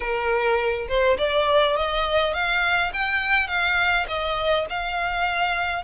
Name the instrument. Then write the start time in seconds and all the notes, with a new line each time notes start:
violin
0.00 A#4
0.88 C5
1.18 D5
1.76 D#5
2.33 F5
2.93 G5
3.47 F5
4.08 D#5
4.69 F5